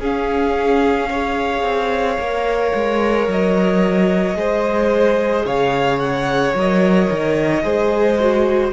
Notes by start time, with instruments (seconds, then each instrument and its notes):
0.00 cello C#4, viola C#4, violin G#4 F5
1.10 viola G#4, violin C#5
1.63 cello C4
2.18 cello A#3, viola A#4
2.74 cello G#3
3.27 cello F#3, violin D#5
4.35 cello G#3, viola G#4, violin C5
5.46 cello C#3, violin C#5 F5
5.99 violin F#5
6.55 cello F#3, viola A#4, violin D#5
7.11 cello D#3
7.63 cello G#3, viola G#4, violin C5
8.20 viola F#4